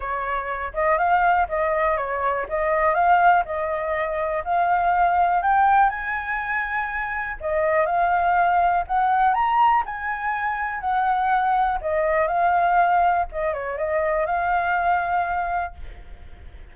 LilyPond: \new Staff \with { instrumentName = "flute" } { \time 4/4 \tempo 4 = 122 cis''4. dis''8 f''4 dis''4 | cis''4 dis''4 f''4 dis''4~ | dis''4 f''2 g''4 | gis''2. dis''4 |
f''2 fis''4 ais''4 | gis''2 fis''2 | dis''4 f''2 dis''8 cis''8 | dis''4 f''2. | }